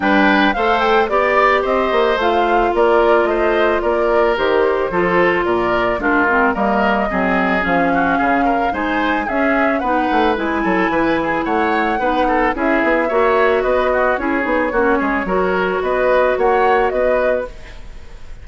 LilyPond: <<
  \new Staff \with { instrumentName = "flute" } { \time 4/4 \tempo 4 = 110 g''4 f''8 g''8 d''4 dis''4 | f''4 d''4 dis''4 d''4 | c''2 d''4 ais'4 | dis''2 f''2 |
gis''4 e''4 fis''4 gis''4~ | gis''4 fis''2 e''4~ | e''4 dis''4 cis''2~ | cis''4 dis''4 fis''4 dis''4 | }
  \new Staff \with { instrumentName = "oboe" } { \time 4/4 b'4 c''4 d''4 c''4~ | c''4 ais'4 c''4 ais'4~ | ais'4 a'4 ais'4 f'4 | ais'4 gis'4. fis'8 gis'8 ais'8 |
c''4 gis'4 b'4. a'8 | b'8 gis'8 cis''4 b'8 a'8 gis'4 | cis''4 b'8 fis'8 gis'4 fis'8 gis'8 | ais'4 b'4 cis''4 b'4 | }
  \new Staff \with { instrumentName = "clarinet" } { \time 4/4 d'4 a'4 g'2 | f'1 | g'4 f'2 d'8 c'8 | ais4 c'4 cis'2 |
dis'4 cis'4 dis'4 e'4~ | e'2 dis'4 e'4 | fis'2 e'8 dis'8 cis'4 | fis'1 | }
  \new Staff \with { instrumentName = "bassoon" } { \time 4/4 g4 a4 b4 c'8 ais8 | a4 ais4 a4 ais4 | dis4 f4 ais,4 gis4 | g4 fis4 f4 cis4 |
gis4 cis'4 b8 a8 gis8 fis8 | e4 a4 b4 cis'8 b8 | ais4 b4 cis'8 b8 ais8 gis8 | fis4 b4 ais4 b4 | }
>>